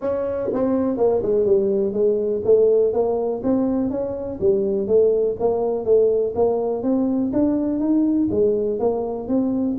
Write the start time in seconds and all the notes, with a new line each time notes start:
0.01 C#4
0.53 C4
0.97 A#3
1.22 G#3
1.45 G3
1.92 G#3
2.44 A3
2.93 A#3
3.43 C4
3.90 C#4
4.39 G3
4.87 A3
5.39 A#3
5.84 A3
6.35 A#3
6.82 C4
7.32 D4
7.79 D#4
8.30 G#3
8.79 A#3
9.27 C4